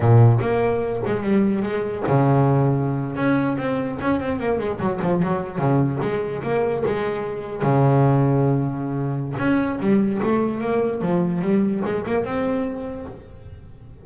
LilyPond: \new Staff \with { instrumentName = "double bass" } { \time 4/4 \tempo 4 = 147 ais,4 ais4. gis8 g4 | gis4 cis2~ cis8. cis'16~ | cis'8. c'4 cis'8 c'8 ais8 gis8 fis16~ | fis16 f8 fis4 cis4 gis4 ais16~ |
ais8. gis2 cis4~ cis16~ | cis2. cis'4 | g4 a4 ais4 f4 | g4 gis8 ais8 c'2 | }